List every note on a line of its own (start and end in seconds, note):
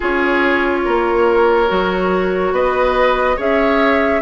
0.00 0.86 C#4
0.00 1.67 F4
0.00 0.80 G#4
0.00 2.54 C#5
0.85 1.70 A#3
0.85 2.54 A#4
1.67 2.52 F#3
1.67 3.36 F#4
2.52 3.36 B3
2.52 3.36 B4
2.52 3.39 D#5
3.36 4.21 C#4
3.36 4.21 G#4
3.36 4.20 C#5
3.36 4.21 E5